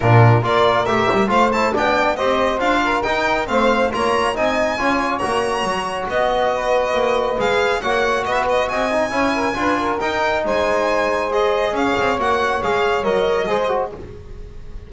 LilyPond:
<<
  \new Staff \with { instrumentName = "violin" } { \time 4/4 \tempo 4 = 138 ais'4 d''4 e''4 f''8 a''8 | g''4 dis''4 f''4 g''4 | f''4 ais''4 gis''2 | ais''2 dis''2~ |
dis''4 f''4 fis''4 dis''16 e''16 dis''8 | gis''2. g''4 | gis''2 dis''4 f''4 | fis''4 f''4 dis''2 | }
  \new Staff \with { instrumentName = "saxophone" } { \time 4/4 f'4 ais'2 c''4 | d''4 c''4. ais'4. | c''4 cis''4 dis''4 cis''4~ | cis''2 dis''4 b'4~ |
b'2 cis''4 b'4 | dis''4 cis''8 ais'8 b'8 ais'4. | c''2. cis''4~ | cis''2. c''4 | }
  \new Staff \with { instrumentName = "trombone" } { \time 4/4 d'4 f'4 g'4 f'8 e'8 | d'4 g'4 f'4 dis'4 | c'4 f'4 dis'4 f'4 | fis'1~ |
fis'4 gis'4 fis'2~ | fis'8 dis'8 e'4 f'4 dis'4~ | dis'2 gis'2 | fis'4 gis'4 ais'4 gis'8 fis'8 | }
  \new Staff \with { instrumentName = "double bass" } { \time 4/4 ais,4 ais4 a8 g8 a4 | b4 c'4 d'4 dis'4 | a4 ais4 c'4 cis'4 | ais4 fis4 b2 |
ais4 gis4 ais4 b4 | c'4 cis'4 d'4 dis'4 | gis2. cis'8 c'8 | ais4 gis4 fis4 gis4 | }
>>